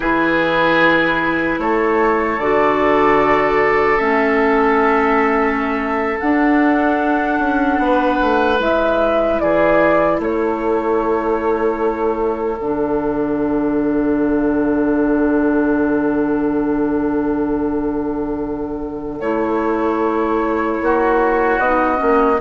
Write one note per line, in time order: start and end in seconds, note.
0.00 1.58 E3
0.00 2.39 E4
0.00 1.59 G#4
0.00 1.59 B4
1.58 2.38 A3
1.58 7.81 A4
1.58 2.39 C#5
2.38 3.98 D3
2.38 3.97 F#4
2.38 3.98 D5
3.97 6.20 A3
3.97 6.17 C#4
3.97 6.18 E5
6.19 7.39 D4
6.19 8.56 D4
6.19 8.59 F#5
7.39 7.78 C#4
7.78 8.18 B3
7.78 9.42 B4
8.21 8.59 A3
8.56 9.39 G#3
8.56 12.56 E4
8.56 9.39 E5
9.39 10.19 E3
9.39 10.20 G#4
9.39 10.19 D5
10.19 12.59 A3
10.19 20.80 A4
10.19 12.62 C#5
12.60 19.20 D3
12.60 19.21 D4
12.60 19.20 F#5
19.20 20.80 A3
19.20 21.61 E4
19.20 21.59 C#5
20.81 21.58 A#3
20.81 22.40 F#4
21.58 21.98 B3
21.58 21.95 D#4
21.58 22.39 D#5
21.95 22.35 C#4
22.01 22.40 A#3